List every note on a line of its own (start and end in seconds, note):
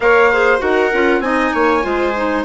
0.00 0.59 A#3
0.00 0.31 A#4
0.00 0.32 C#5
0.00 0.60 F5
0.32 0.58 G#4
0.32 0.62 C5
0.58 0.92 D#4
0.58 0.89 F#4
0.58 1.23 A#4
0.58 1.21 F#5
0.92 1.20 C#4
0.92 1.22 F4
1.20 1.50 C4
1.20 1.82 D#4
1.20 1.53 D#5
1.20 2.43 G#5
1.53 1.84 A#3
1.53 1.84 C#5
1.82 2.44 G#3
1.82 2.12 F4
1.82 2.44 C5
2.16 2.44 D#4